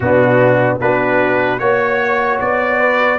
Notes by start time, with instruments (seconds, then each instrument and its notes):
0.00 tuba B2, trombone B3, horn D4, trumpet F#4
0.80 tuba B3, trombone D4, horn F#4, trumpet B4
1.59 tuba A#3, trombone F#4, trumpet C#5, horn C#5
2.40 tuba B3, trumpet D5
2.79 horn B4